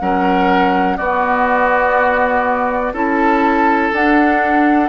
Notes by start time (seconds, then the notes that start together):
0.00 F#3 C#4 A#4 F#5
0.97 B3 F#4 D5
2.93 C#4 E4 A4 A5
3.93 D4 F#5